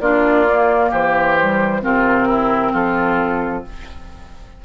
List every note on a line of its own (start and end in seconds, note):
0.00 0.91 A#3
0.00 0.47 D4
0.00 0.90 F4
0.00 0.91 D5
0.48 1.39 A#3
0.90 1.83 E3
0.90 1.81 G4
0.90 1.84 C5
1.40 1.82 G3
1.82 2.73 C3
1.82 3.64 C4
1.82 2.28 F4
1.82 2.74 A#4
2.28 2.72 E4
2.72 3.64 F3
2.72 3.63 F4
2.72 3.65 A4